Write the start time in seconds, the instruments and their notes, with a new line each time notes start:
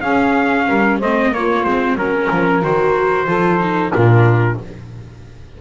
0.00 double bass C#4, viola C#4, saxophone G#4, trumpet F5
0.66 double bass G3, saxophone A#4
0.98 double bass A3, viola C4, saxophone C5, trumpet D#5
1.31 double bass A#3, viola A#3, saxophone F4, trumpet C#5
1.63 double bass G#3, viola C4, trumpet C5
1.95 double bass F#3, viola C#4, saxophone A#4, trumpet A#4
2.30 double bass F3
2.62 double bass D#3, viola F#4, trumpet C5
3.26 double bass F3, viola F4, saxophone A4
3.58 viola D#4
3.92 double bass A#2, viola D4, saxophone F4, trumpet A#4